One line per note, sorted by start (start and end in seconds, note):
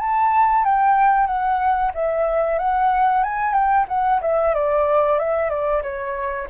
0.00 0.65 A5
0.65 1.27 G5
1.27 1.92 F#5
1.94 2.59 E5
2.59 3.24 F#5
3.24 3.54 G#5
3.54 3.86 G5
3.89 4.21 F#5
4.22 4.54 E5
4.55 5.19 D5
5.19 5.50 E5
5.50 5.83 D5
5.83 6.48 C#5